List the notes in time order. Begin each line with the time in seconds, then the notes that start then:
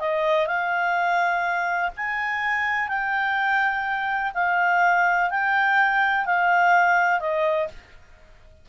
0.00 D#5
0.47 F5
1.97 G#5
2.88 G5
4.35 F5
5.30 G5
6.26 F5
7.20 D#5